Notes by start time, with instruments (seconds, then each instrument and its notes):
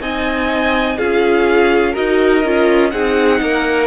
0.00 cello C4, viola D#4, violin D#5 G#5
0.98 cello C#4, viola F4, violin G#4 F5
1.93 cello D#4, viola F#4, violin A#4 D#5
2.44 cello C#4, viola F4
2.91 cello C4, viola D#4, violin G#4 F#5
3.41 cello A#3, violin A#4